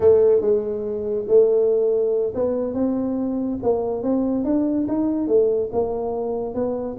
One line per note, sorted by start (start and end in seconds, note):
0.00 0.41 A3
0.41 1.25 G#3
1.28 2.33 A3
2.35 2.74 B3
2.74 3.58 C4
3.62 4.02 A#3
4.02 4.44 C4
4.44 4.86 D4
4.88 5.27 D#4
5.27 5.69 A3
5.72 6.54 A#3
6.54 6.96 B3